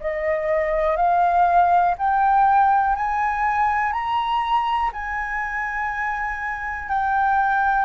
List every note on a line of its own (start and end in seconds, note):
0.00 0.96 D#5
0.96 1.94 F5
1.98 2.96 G5
2.96 3.92 G#5
3.92 4.90 A#5
4.93 6.89 G#5
6.89 7.85 G5